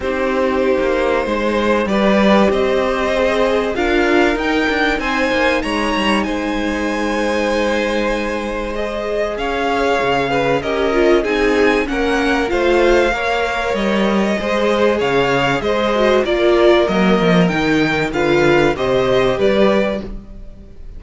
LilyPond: <<
  \new Staff \with { instrumentName = "violin" } { \time 4/4 \tempo 4 = 96 c''2. d''4 | dis''2 f''4 g''4 | gis''4 ais''4 gis''2~ | gis''2 dis''4 f''4~ |
f''4 dis''4 gis''4 fis''4 | f''2 dis''2 | f''4 dis''4 d''4 dis''4 | g''4 f''4 dis''4 d''4 | }
  \new Staff \with { instrumentName = "violin" } { \time 4/4 g'2 c''4 b'4 | c''2 ais'2 | c''4 cis''4 c''2~ | c''2. cis''4~ |
cis''8 b'8 ais'4 gis'4 ais'4 | c''4 cis''2 c''4 | cis''4 c''4 ais'2~ | ais'4 b'4 c''4 b'4 | }
  \new Staff \with { instrumentName = "viola" } { \time 4/4 dis'2. g'4~ | g'4 gis'4 f'4 dis'4~ | dis'1~ | dis'2 gis'2~ |
gis'4 g'8 f'8 dis'4 cis'4 | f'4 ais'2 gis'4~ | gis'4. fis'8 f'4 ais4 | dis'4 f'4 g'2 | }
  \new Staff \with { instrumentName = "cello" } { \time 4/4 c'4~ c'16 ais8. gis4 g4 | c'2 d'4 dis'8 d'8 | c'8 ais8 gis8 g8 gis2~ | gis2. cis'4 |
cis4 cis'4 c'4 ais4 | a4 ais4 g4 gis4 | cis4 gis4 ais4 fis8 f8 | dis4 d4 c4 g4 | }
>>